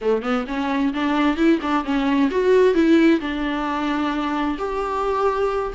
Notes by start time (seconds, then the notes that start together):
0.01 A3
0.22 B3
0.47 C#4
0.93 D4
1.36 E4
1.62 D4
1.84 C#4
2.30 F#4
2.74 E4
3.20 D4
4.58 G4